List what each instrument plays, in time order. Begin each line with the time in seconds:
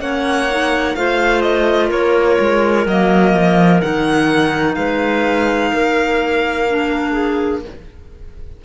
0.00 cello A#3, clarinet C#4 C#5, violin F#5
0.50 clarinet D#4
0.95 cello A3, clarinet F4 C5, violin F5
1.41 violin D#5
1.88 cello A#3, clarinet A#4, violin C#5
2.40 cello G#3
2.86 cello F#3, clarinet A#3, violin D#5
3.34 cello F3
3.81 cello D#3, clarinet D#4, violin F#5
4.75 cello G#3, clarinet B4, violin F5
5.73 cello A#3, clarinet A#4
6.68 clarinet D4
7.12 clarinet G#4